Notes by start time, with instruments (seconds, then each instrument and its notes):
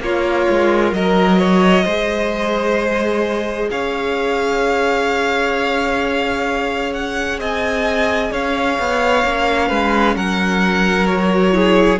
0.00 cello A#3, violin F4 C#5, viola A#4
0.50 cello G#3
0.92 cello F#3, violin A#4 D#5
1.39 violin C#5
1.84 cello G#3, viola G#4, violin C5
3.70 cello C#4, violin C#5 F5
6.93 violin F#5
7.39 cello C4, violin D#5 G#5
8.32 cello C#4, violin C#5 F5
8.79 cello B3
9.23 cello A#3, viola C#4
9.68 cello G#3, violin B4
10.15 cello F#3, violin A#4 F#5
11.06 viola F#4, violin C#5
11.52 viola E4, violin G#4